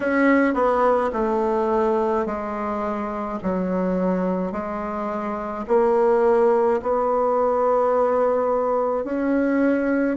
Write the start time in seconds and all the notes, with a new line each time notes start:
0.00 C#4
0.54 B3
1.12 A3
2.26 G#3
3.42 F#3
4.51 G#3
5.67 A#3
6.82 B3
9.04 C#4